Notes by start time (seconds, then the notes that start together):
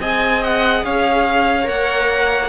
0.00 C4 G#4 D#5 G#5
0.44 F#5
0.84 C#4 C#5 F5
1.63 A#3 A#4 F#5